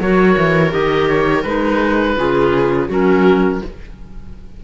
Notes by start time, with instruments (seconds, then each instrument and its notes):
0.00 cello F#3, clarinet F#4, viola A#4, oboe C#5
0.38 cello E3
0.71 cello D#3, clarinet G4, oboe D#5
1.09 oboe C#5
1.44 cello G#3, clarinet D#4, oboe B4
2.17 cello C#3, clarinet F4, viola G#4
2.89 cello F#3, clarinet C#4, viola F#4, oboe A#4